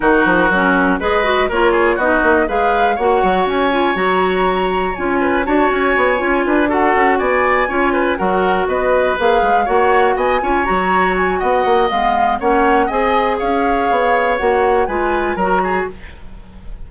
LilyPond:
<<
  \new Staff \with { instrumentName = "flute" } { \time 4/4 \tempo 4 = 121 ais'2 dis''4 cis''4 | dis''4 f''4 fis''4 gis''4 | ais''2 gis''4 a''8 gis''8~ | gis''4. fis''4 gis''4.~ |
gis''8 fis''4 dis''4 f''4 fis''8~ | fis''8 gis''4 ais''4 gis''8 fis''4 | f''4 fis''4 gis''4 f''4~ | f''4 fis''4 gis''4 ais''4 | }
  \new Staff \with { instrumentName = "oboe" } { \time 4/4 fis'2 b'4 ais'8 gis'8 | fis'4 b'4 cis''2~ | cis''2~ cis''8 b'8 cis''4~ | cis''4 b'8 a'4 d''4 cis''8 |
b'8 ais'4 b'2 cis''8~ | cis''8 dis''8 cis''2 dis''4~ | dis''4 cis''4 dis''4 cis''4~ | cis''2 b'4 ais'8 gis'8 | }
  \new Staff \with { instrumentName = "clarinet" } { \time 4/4 dis'4 cis'4 gis'8 fis'8 f'4 | dis'4 gis'4 fis'4. f'8 | fis'2 f'4 fis'4~ | fis'8 f'4 fis'2 f'8~ |
f'8 fis'2 gis'4 fis'8~ | fis'4 f'8 fis'2~ fis'8 | b4 cis'4 gis'2~ | gis'4 fis'4 f'4 fis'4 | }
  \new Staff \with { instrumentName = "bassoon" } { \time 4/4 dis8 f8 fis4 gis4 ais4 | b8 ais8 gis4 ais8 fis8 cis'4 | fis2 cis'4 d'8 cis'8 | b8 cis'8 d'4 cis'8 b4 cis'8~ |
cis'8 fis4 b4 ais8 gis8 ais8~ | ais8 b8 cis'8 fis4. b8 ais8 | gis4 ais4 c'4 cis'4 | b4 ais4 gis4 fis4 | }
>>